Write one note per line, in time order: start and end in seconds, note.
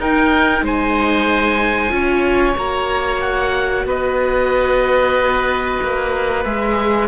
0.00 0.62 D#4
0.00 1.90 D#4
0.00 0.65 A#4
0.00 0.66 G5
0.62 1.91 G#3
0.62 1.94 C5
0.62 2.58 G#5
1.90 2.56 C#4
1.90 2.55 F4
1.90 3.87 C#5
2.57 3.85 A#3
2.57 6.44 F#4
2.57 3.21 A#5
3.21 3.86 F#5
3.85 5.79 B3
3.85 7.08 B4
3.85 6.45 D#5
5.83 6.46 A#3
6.45 7.08 G#3
6.45 7.08 G#4
6.45 7.08 E5